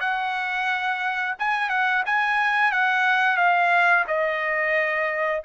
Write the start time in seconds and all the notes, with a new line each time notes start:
0.00 F#5
1.39 G#5
1.69 F#5
2.06 G#5
2.72 F#5
3.37 F5
4.07 D#5